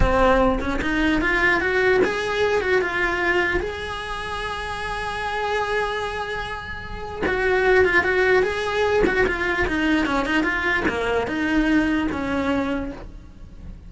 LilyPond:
\new Staff \with { instrumentName = "cello" } { \time 4/4 \tempo 4 = 149 c'4. cis'8 dis'4 f'4 | fis'4 gis'4. fis'8 f'4~ | f'4 gis'2.~ | gis'1~ |
gis'2 fis'4. f'8 | fis'4 gis'4. fis'8 f'4 | dis'4 cis'8 dis'8 f'4 ais4 | dis'2 cis'2 | }